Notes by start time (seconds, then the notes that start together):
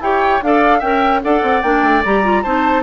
0.00 E4 G4 C#5 G5
0.42 D4 A4 D5 F5
0.79 C#4 A#4 E5 G5
1.22 D4 A4 D5 F#5
1.42 C4
1.62 A#3 D4 G5
1.83 A3
2.05 G3 G4 A#5
2.23 F4
2.43 C4 D#4 C5 A5